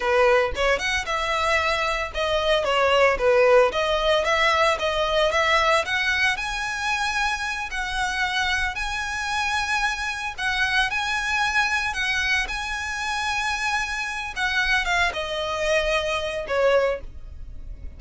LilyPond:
\new Staff \with { instrumentName = "violin" } { \time 4/4 \tempo 4 = 113 b'4 cis''8 fis''8 e''2 | dis''4 cis''4 b'4 dis''4 | e''4 dis''4 e''4 fis''4 | gis''2~ gis''8 fis''4.~ |
fis''8 gis''2. fis''8~ | fis''8 gis''2 fis''4 gis''8~ | gis''2. fis''4 | f''8 dis''2~ dis''8 cis''4 | }